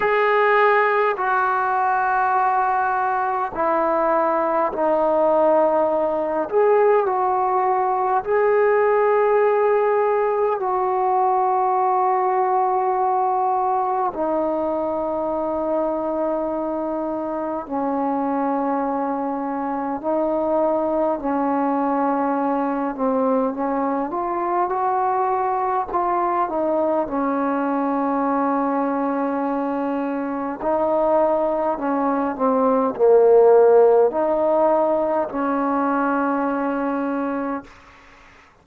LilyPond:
\new Staff \with { instrumentName = "trombone" } { \time 4/4 \tempo 4 = 51 gis'4 fis'2 e'4 | dis'4. gis'8 fis'4 gis'4~ | gis'4 fis'2. | dis'2. cis'4~ |
cis'4 dis'4 cis'4. c'8 | cis'8 f'8 fis'4 f'8 dis'8 cis'4~ | cis'2 dis'4 cis'8 c'8 | ais4 dis'4 cis'2 | }